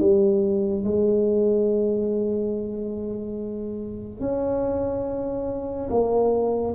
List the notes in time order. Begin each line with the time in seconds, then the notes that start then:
0.00 G3
0.85 G#3
4.21 C#4
5.90 A#3